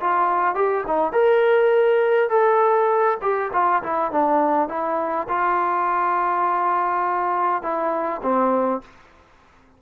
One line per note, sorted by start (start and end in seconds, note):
0.00 0.55 F4
0.55 0.84 G4
0.87 1.12 D#4
1.12 2.29 A#4
2.29 3.17 A4
3.21 3.51 G4
3.53 3.82 F4
3.83 4.11 E4
4.11 4.68 D4
4.68 5.27 E4
5.28 7.62 F4
7.62 8.21 E4
8.22 8.81 C4